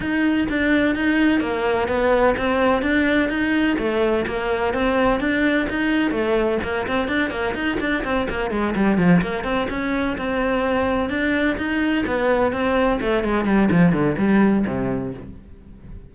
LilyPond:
\new Staff \with { instrumentName = "cello" } { \time 4/4 \tempo 4 = 127 dis'4 d'4 dis'4 ais4 | b4 c'4 d'4 dis'4 | a4 ais4 c'4 d'4 | dis'4 a4 ais8 c'8 d'8 ais8 |
dis'8 d'8 c'8 ais8 gis8 g8 f8 ais8 | c'8 cis'4 c'2 d'8~ | d'8 dis'4 b4 c'4 a8 | gis8 g8 f8 d8 g4 c4 | }